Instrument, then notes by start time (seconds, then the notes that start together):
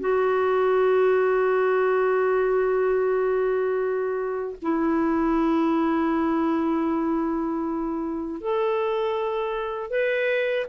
clarinet
0.00 F#4
4.62 E4
8.41 A4
9.90 B4